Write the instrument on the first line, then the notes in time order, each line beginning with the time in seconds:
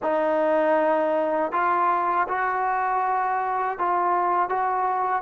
trombone
0.02 D#4
1.52 F4
2.28 F#4
3.78 F4
4.49 F#4